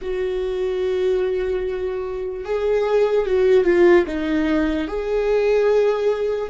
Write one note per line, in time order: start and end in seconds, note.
0.01 2.45 F#4
2.45 3.25 G#4
3.25 3.64 F#4
3.64 4.05 F4
4.06 4.87 D#4
4.87 6.49 G#4